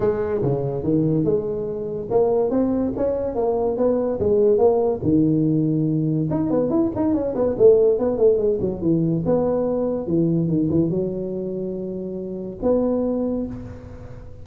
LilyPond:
\new Staff \with { instrumentName = "tuba" } { \time 4/4 \tempo 4 = 143 gis4 cis4 dis4 gis4~ | gis4 ais4 c'4 cis'4 | ais4 b4 gis4 ais4 | dis2. dis'8 b8 |
e'8 dis'8 cis'8 b8 a4 b8 a8 | gis8 fis8 e4 b2 | e4 dis8 e8 fis2~ | fis2 b2 | }